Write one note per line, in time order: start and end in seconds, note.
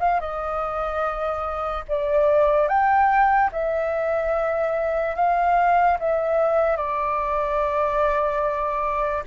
0.00 0.20 F5
0.20 1.85 D#5
1.88 2.68 D5
2.68 3.50 G5
3.53 5.16 E5
5.16 5.98 F5
6.00 6.77 E5
6.77 9.23 D5